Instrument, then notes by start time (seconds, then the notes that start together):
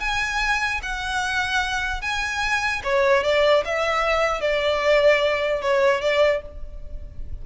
violin
0.00 G#5
0.82 F#5
2.01 G#5
2.84 C#5
3.24 D5
3.65 E5
4.41 D5
5.62 C#5
6.01 D5